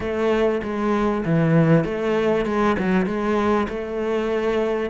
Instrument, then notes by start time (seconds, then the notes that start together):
cello
0.00 A3
0.63 G#3
1.25 E3
1.84 A3
2.45 G#3
2.78 F#3
3.06 G#3
3.68 A3